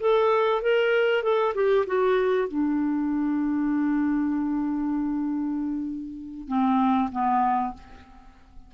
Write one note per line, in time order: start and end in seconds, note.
0.00 0.61 A4
0.61 1.23 A#4
1.23 1.54 A4
1.54 1.85 G4
1.86 2.48 F#4
2.48 6.48 D4
6.48 7.09 C4
7.12 7.73 B3